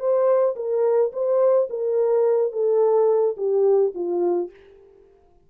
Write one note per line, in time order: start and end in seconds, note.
0.00 0.56 C5
0.56 1.12 A#4
1.13 1.68 C5
1.70 2.52 A#4
2.52 3.36 A4
3.37 3.93 G4
3.95 4.50 F4